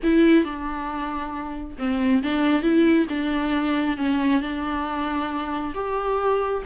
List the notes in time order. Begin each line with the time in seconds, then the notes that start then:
0.03 E4
0.44 D4
1.78 C4
2.23 D4
2.62 E4
3.09 D4
3.97 C#4
4.41 D4
5.74 G4